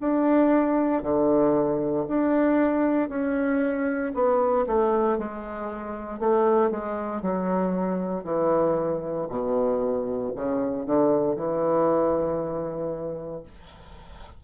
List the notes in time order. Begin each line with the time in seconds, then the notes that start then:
0.00 D4
1.02 D3
2.08 D4
3.09 C#4
4.14 B3
4.66 A3
5.18 G#3
6.19 A3
6.71 G#3
7.21 F#3
8.23 E3
9.29 B2
10.35 C#3
10.85 D3
11.36 E3